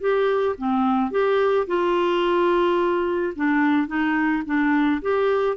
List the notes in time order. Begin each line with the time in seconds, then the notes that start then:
0.00 G4
0.58 C4
1.11 G4
1.67 F4
3.36 D4
3.87 D#4
4.46 D4
5.02 G4